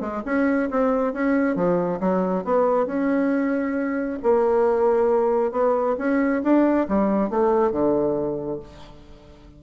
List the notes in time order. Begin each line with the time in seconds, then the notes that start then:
0.00 G#3
0.25 C#4
0.70 C4
1.13 C#4
1.55 F3
2.00 F#3
2.44 B3
2.86 C#4
4.23 A#3
5.51 B3
5.98 C#4
6.43 D4
6.88 G3
7.30 A3
7.71 D3